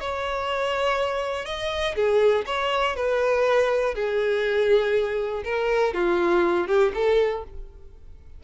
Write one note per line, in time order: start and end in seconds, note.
0.00 1.45 C#5
1.45 1.95 D#5
1.95 2.45 G#4
2.46 2.96 C#5
2.96 3.95 B4
3.95 5.43 G#4
5.44 5.94 A#4
5.94 6.67 F4
6.67 6.92 G4
6.94 7.44 A4